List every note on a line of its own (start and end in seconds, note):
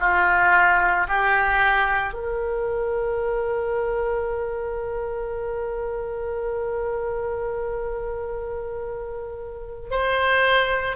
0.00 1.07 F4
1.09 2.14 G4
2.14 9.91 A#4
9.91 10.97 C5